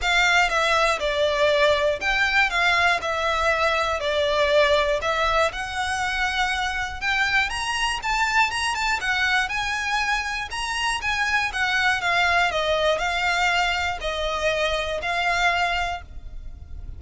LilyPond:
\new Staff \with { instrumentName = "violin" } { \time 4/4 \tempo 4 = 120 f''4 e''4 d''2 | g''4 f''4 e''2 | d''2 e''4 fis''4~ | fis''2 g''4 ais''4 |
a''4 ais''8 a''8 fis''4 gis''4~ | gis''4 ais''4 gis''4 fis''4 | f''4 dis''4 f''2 | dis''2 f''2 | }